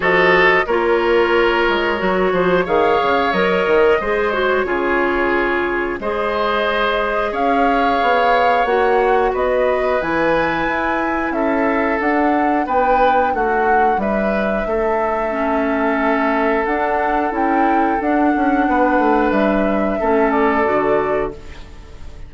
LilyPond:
<<
  \new Staff \with { instrumentName = "flute" } { \time 4/4 \tempo 4 = 90 dis''4 cis''2. | f''4 dis''4. cis''4.~ | cis''4 dis''2 f''4~ | f''4 fis''4 dis''4 gis''4~ |
gis''4 e''4 fis''4 g''4 | fis''4 e''2.~ | e''4 fis''4 g''4 fis''4~ | fis''4 e''4. d''4. | }
  \new Staff \with { instrumentName = "oboe" } { \time 4/4 a'4 ais'2~ ais'8 c''8 | cis''2 c''4 gis'4~ | gis'4 c''2 cis''4~ | cis''2 b'2~ |
b'4 a'2 b'4 | fis'4 b'4 a'2~ | a'1 | b'2 a'2 | }
  \new Staff \with { instrumentName = "clarinet" } { \time 4/4 fis'4 f'2 fis'4 | gis'4 ais'4 gis'8 fis'8 f'4~ | f'4 gis'2.~ | gis'4 fis'2 e'4~ |
e'2 d'2~ | d'2. cis'4~ | cis'4 d'4 e'4 d'4~ | d'2 cis'4 fis'4 | }
  \new Staff \with { instrumentName = "bassoon" } { \time 4/4 f4 ais4. gis8 fis8 f8 | dis8 cis8 fis8 dis8 gis4 cis4~ | cis4 gis2 cis'4 | b4 ais4 b4 e4 |
e'4 cis'4 d'4 b4 | a4 g4 a2~ | a4 d'4 cis'4 d'8 cis'8 | b8 a8 g4 a4 d4 | }
>>